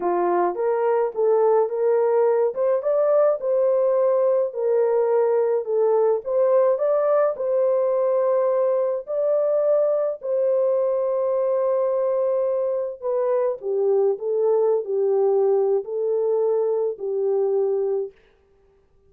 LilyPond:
\new Staff \with { instrumentName = "horn" } { \time 4/4 \tempo 4 = 106 f'4 ais'4 a'4 ais'4~ | ais'8 c''8 d''4 c''2 | ais'2 a'4 c''4 | d''4 c''2. |
d''2 c''2~ | c''2. b'4 | g'4 a'4~ a'16 g'4.~ g'16 | a'2 g'2 | }